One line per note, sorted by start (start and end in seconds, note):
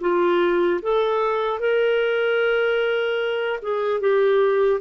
0.00 0.80 F4
0.82 1.59 A4
1.59 3.59 A#4
3.61 4.00 G#4
4.00 4.80 G4